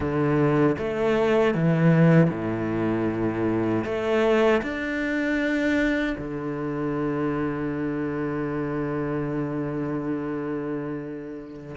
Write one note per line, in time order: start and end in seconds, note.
0.00 0.76 D3
0.78 1.54 A3
1.54 2.30 E3
2.30 3.84 A2
3.84 4.61 A3
4.62 6.16 D4
6.17 11.75 D3